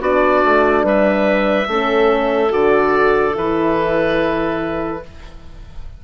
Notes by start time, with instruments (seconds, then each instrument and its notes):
0.00 bassoon B3, horn D4, clarinet F#4, oboe D5
0.44 bassoon A3
0.83 bassoon G3, clarinet B4, oboe E5
1.67 bassoon A3, horn C#4, clarinet A4
2.49 bassoon D3, horn F#4, oboe D5
3.35 bassoon E3, horn E4, oboe B4